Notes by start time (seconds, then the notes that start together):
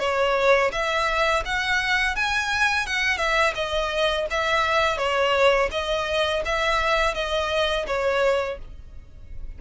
0.00 C#5
0.72 E5
1.45 F#5
2.16 G#5
2.87 F#5
3.18 E5
3.55 D#5
4.31 E5
4.98 C#5
5.72 D#5
6.45 E5
7.15 D#5
7.87 C#5